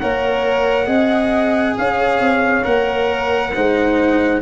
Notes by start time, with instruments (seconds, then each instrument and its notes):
0.00 tuba A#3, cello A#4, horn C#5, trumpet F#5
0.87 tuba C4, cello G#4, horn D#5
1.78 tuba C#4, horn C#5, trumpet F5
2.20 tuba C4
2.64 tuba A#3, cello A#4, trumpet F#5
3.55 tuba G#3, cello D#4, horn C5